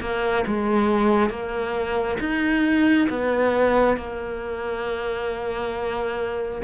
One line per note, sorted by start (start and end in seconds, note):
0.00 0.44 A#3
0.46 1.29 G#3
1.29 2.17 A#3
2.19 3.08 D#4
3.09 3.97 B3
3.97 6.61 A#3